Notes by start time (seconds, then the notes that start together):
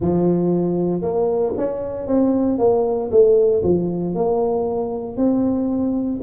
0.00 F3
1.01 A#3
1.57 C#4
2.07 C4
2.58 A#3
3.11 A3
3.63 F3
4.14 A#3
5.16 C4